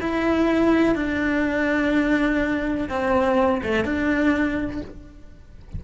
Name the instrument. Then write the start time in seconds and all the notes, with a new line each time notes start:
cello
0.00 E4
0.95 D4
2.89 C4
3.62 A3
3.84 D4